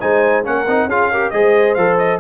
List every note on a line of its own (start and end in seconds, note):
0.00 0.46 G#3
0.00 0.44 D#4
0.00 0.45 C5
0.00 0.44 G#5
0.44 0.67 A#3
0.44 0.66 C#4
0.44 0.88 A#4
0.44 0.90 F#5
0.67 0.86 C4
0.67 0.90 D#4
0.86 1.30 C#4
0.86 1.13 F4
0.86 1.10 G#4
0.86 1.31 F5
1.10 1.33 G4
1.10 1.33 A#4
1.31 1.77 G#3
1.31 1.77 G#4
1.31 2.20 C5
1.31 1.75 D#5
1.75 2.20 F3
1.75 2.20 A4
1.75 1.97 F5
1.98 2.20 D#5